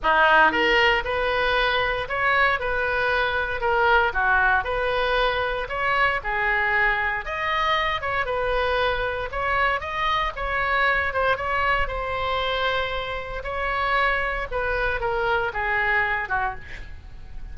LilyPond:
\new Staff \with { instrumentName = "oboe" } { \time 4/4 \tempo 4 = 116 dis'4 ais'4 b'2 | cis''4 b'2 ais'4 | fis'4 b'2 cis''4 | gis'2 dis''4. cis''8 |
b'2 cis''4 dis''4 | cis''4. c''8 cis''4 c''4~ | c''2 cis''2 | b'4 ais'4 gis'4. fis'8 | }